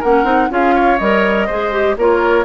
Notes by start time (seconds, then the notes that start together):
0.00 A#3 C#4 A#4 F#5
0.24 C4 D#4
0.50 C#4 F4 G#4 F5
0.75 C#5
0.99 G3 A#4 D#5
1.47 G#3 G#4 C5
1.72 G4
1.97 A#3 F4 A#4 C#5